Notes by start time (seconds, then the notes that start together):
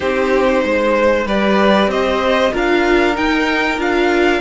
0.00 C4 D#4 G4 C5
0.63 G#3 C5
1.25 G3 G4 B4 D5
1.87 C4 C5 D#5
2.51 D4 F4 A#4 F5
3.14 D#4 G5
3.78 D4 F4 F5